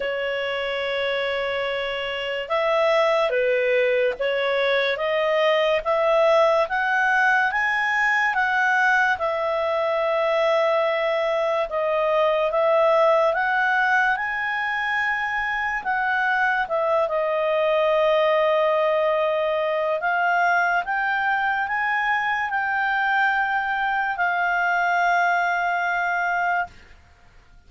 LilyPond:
\new Staff \with { instrumentName = "clarinet" } { \time 4/4 \tempo 4 = 72 cis''2. e''4 | b'4 cis''4 dis''4 e''4 | fis''4 gis''4 fis''4 e''4~ | e''2 dis''4 e''4 |
fis''4 gis''2 fis''4 | e''8 dis''2.~ dis''8 | f''4 g''4 gis''4 g''4~ | g''4 f''2. | }